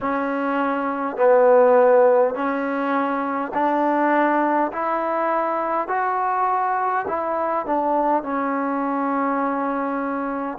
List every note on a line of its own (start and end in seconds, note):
0.01 1.17 C#4
1.17 2.34 B3
2.34 3.52 C#4
3.53 4.71 D4
4.72 5.88 E4
5.88 7.05 F#4
7.07 7.65 E4
7.65 8.22 D4
8.22 10.58 C#4